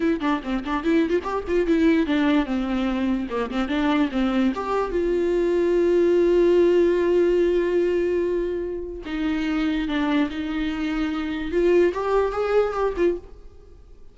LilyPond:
\new Staff \with { instrumentName = "viola" } { \time 4/4 \tempo 4 = 146 e'8 d'8 c'8 d'8 e'8. f'16 g'8 f'8 | e'4 d'4 c'2 | ais8 c'8 d'4 c'4 g'4 | f'1~ |
f'1~ | f'2 dis'2 | d'4 dis'2. | f'4 g'4 gis'4 g'8 f'8 | }